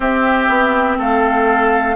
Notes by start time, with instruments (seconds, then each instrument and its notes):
0.00 bassoon C4, clarinet C4, oboe G4, flute E5
0.48 bassoon B3
0.98 bassoon A3, oboe A4, flute F5